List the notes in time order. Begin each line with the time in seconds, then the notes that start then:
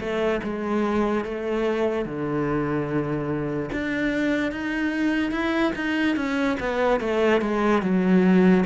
0.00 A3
0.44 G#3
1.25 A3
2.06 D3
3.72 D4
4.52 D#4
5.32 E4
5.76 D#4
6.17 C#4
6.60 B3
7.01 A3
7.42 G#3
7.82 F#3